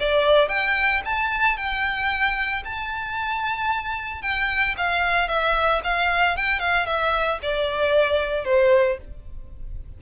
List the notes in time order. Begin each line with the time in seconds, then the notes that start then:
0.00 D5
0.49 G5
1.05 A5
1.57 G5
2.65 A5
4.22 G5
4.78 F5
5.29 E5
5.84 F5
6.37 G5
6.60 F5
6.86 E5
7.42 D5
8.45 C5